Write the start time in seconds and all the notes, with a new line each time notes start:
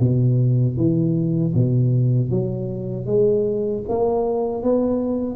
0.00 B2
0.77 E3
1.54 B2
2.30 F#3
3.06 G#3
3.88 A#3
4.63 B3